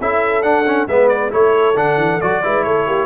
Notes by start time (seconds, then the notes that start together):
0.00 C#4 E4 A4 E5
0.42 D4 F#5
0.66 C#4
0.87 G#3 B3 B4 E5
1.08 D5
1.30 A3 E4 A4 C#5
1.75 D3 D4 F#5
1.97 E3
2.21 F#3 F#4 D5
2.43 G#3 E4 B4
2.63 A3 A4 C#5
2.86 A#3 G4